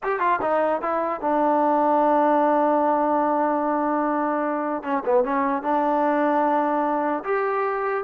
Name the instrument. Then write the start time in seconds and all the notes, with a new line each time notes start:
trombone
0.03 G4
0.19 F4
0.41 D#4
0.81 E4
1.20 D4
4.83 C#4
5.05 B3
5.24 C#4
5.62 D4
7.24 G4